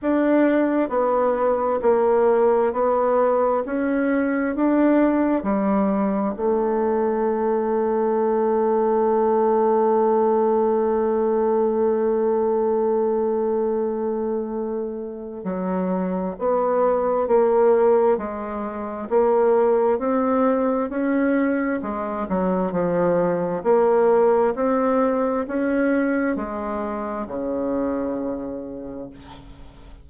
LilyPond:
\new Staff \with { instrumentName = "bassoon" } { \time 4/4 \tempo 4 = 66 d'4 b4 ais4 b4 | cis'4 d'4 g4 a4~ | a1~ | a1~ |
a4 fis4 b4 ais4 | gis4 ais4 c'4 cis'4 | gis8 fis8 f4 ais4 c'4 | cis'4 gis4 cis2 | }